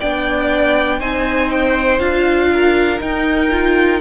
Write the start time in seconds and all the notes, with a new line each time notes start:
0.00 B3 D4 D5 G5
1.00 C4 D#4 C5 G#5
1.51 G5
1.99 D4 F4 F5
2.53 A#4
3.00 D#4 G5
3.51 F4